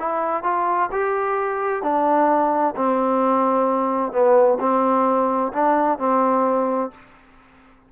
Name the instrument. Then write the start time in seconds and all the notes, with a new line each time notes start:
trombone
0.00 E4
0.44 F4
0.92 G4
1.83 D4
2.77 C4
4.13 B3
4.60 C4
5.53 D4
5.99 C4